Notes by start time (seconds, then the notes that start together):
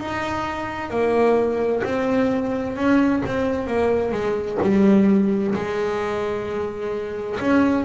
0.00 D#4
0.91 A#3
1.84 C4
2.77 C#4
3.26 C4
3.67 A#3
4.12 G#3
4.63 G3
5.55 G#3
7.41 C#4